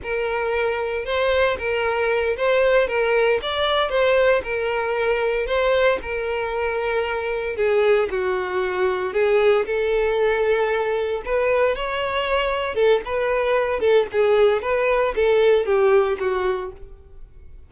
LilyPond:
\new Staff \with { instrumentName = "violin" } { \time 4/4 \tempo 4 = 115 ais'2 c''4 ais'4~ | ais'8 c''4 ais'4 d''4 c''8~ | c''8 ais'2 c''4 ais'8~ | ais'2~ ais'8 gis'4 fis'8~ |
fis'4. gis'4 a'4.~ | a'4. b'4 cis''4.~ | cis''8 a'8 b'4. a'8 gis'4 | b'4 a'4 g'4 fis'4 | }